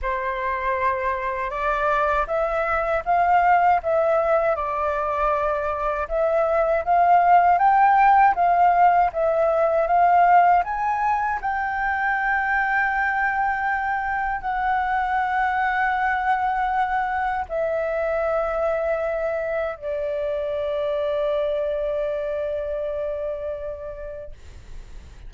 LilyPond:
\new Staff \with { instrumentName = "flute" } { \time 4/4 \tempo 4 = 79 c''2 d''4 e''4 | f''4 e''4 d''2 | e''4 f''4 g''4 f''4 | e''4 f''4 gis''4 g''4~ |
g''2. fis''4~ | fis''2. e''4~ | e''2 d''2~ | d''1 | }